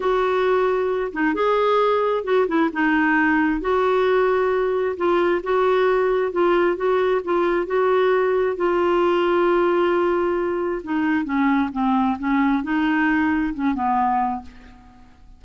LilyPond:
\new Staff \with { instrumentName = "clarinet" } { \time 4/4 \tempo 4 = 133 fis'2~ fis'8 dis'8 gis'4~ | gis'4 fis'8 e'8 dis'2 | fis'2. f'4 | fis'2 f'4 fis'4 |
f'4 fis'2 f'4~ | f'1 | dis'4 cis'4 c'4 cis'4 | dis'2 cis'8 b4. | }